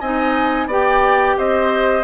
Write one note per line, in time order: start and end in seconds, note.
0.00 0.66 C4
0.00 0.70 D#4
0.00 0.68 D#5
0.00 0.68 G#5
0.66 1.35 B3
0.66 2.04 G4
0.66 1.36 D5
0.66 1.38 G5
1.38 2.04 C4
1.38 2.04 C5
1.38 2.04 D#5